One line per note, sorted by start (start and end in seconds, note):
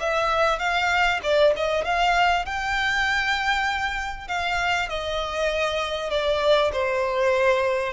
0.00 0.59 E5
0.59 1.21 F5
1.23 1.54 D5
1.56 1.85 D#5
1.85 2.45 F5
2.45 4.28 G5
4.28 4.89 F5
4.89 6.10 D#5
6.10 6.72 D5
6.73 7.93 C5